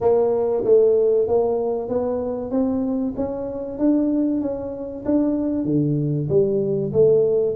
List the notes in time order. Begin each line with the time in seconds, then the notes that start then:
0.00 A#3
0.64 A3
1.27 A#3
1.88 B3
2.50 C4
3.16 C#4
3.78 D4
4.41 C#4
5.05 D4
5.64 D3
6.29 G3
6.92 A3